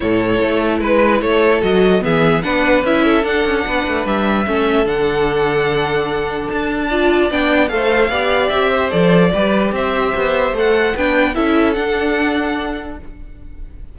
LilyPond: <<
  \new Staff \with { instrumentName = "violin" } { \time 4/4 \tempo 4 = 148 cis''2 b'4 cis''4 | dis''4 e''4 fis''4 e''4 | fis''2 e''2 | fis''1 |
a''2 g''4 f''4~ | f''4 e''4 d''2 | e''2 fis''4 g''4 | e''4 fis''2. | }
  \new Staff \with { instrumentName = "violin" } { \time 4/4 a'2 b'4 a'4~ | a'4 gis'4 b'4. a'8~ | a'4 b'2 a'4~ | a'1~ |
a'4 d''2 c''4 | d''4. c''4. b'4 | c''2. b'4 | a'1 | }
  \new Staff \with { instrumentName = "viola" } { \time 4/4 e'1 | fis'4 b4 d'4 e'4 | d'2. cis'4 | d'1~ |
d'4 f'4 d'4 a'4 | g'2 a'4 g'4~ | g'2 a'4 d'4 | e'4 d'2. | }
  \new Staff \with { instrumentName = "cello" } { \time 4/4 a,4 a4 gis4 a4 | fis4 e4 b4 cis'4 | d'8 cis'8 b8 a8 g4 a4 | d1 |
d'2 b4 a4 | b4 c'4 f4 g4 | c'4 b4 a4 b4 | cis'4 d'2. | }
>>